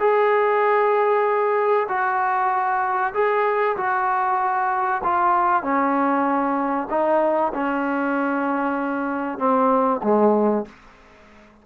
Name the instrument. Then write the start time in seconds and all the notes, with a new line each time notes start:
trombone
0.00 G#4
1.89 F#4
3.14 G#4
3.77 F#4
5.04 F4
5.63 C#4
6.90 D#4
7.54 C#4
9.39 C4
10.03 G#3